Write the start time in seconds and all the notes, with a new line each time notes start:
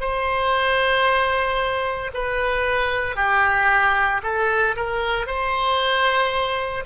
0.00 C5
2.14 B4
3.16 G4
4.23 A4
4.76 A#4
5.27 C5